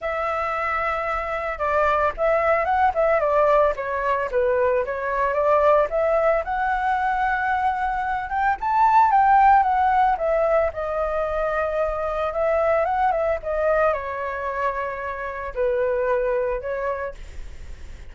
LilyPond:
\new Staff \with { instrumentName = "flute" } { \time 4/4 \tempo 4 = 112 e''2. d''4 | e''4 fis''8 e''8 d''4 cis''4 | b'4 cis''4 d''4 e''4 | fis''2.~ fis''8 g''8 |
a''4 g''4 fis''4 e''4 | dis''2. e''4 | fis''8 e''8 dis''4 cis''2~ | cis''4 b'2 cis''4 | }